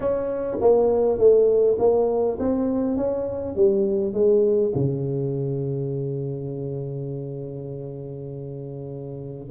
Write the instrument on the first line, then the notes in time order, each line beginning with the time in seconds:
tuba
0.00 C#4
0.60 A#3
1.17 A3
1.78 A#3
2.39 C4
2.96 C#4
3.55 G3
4.13 G#3
4.74 C#3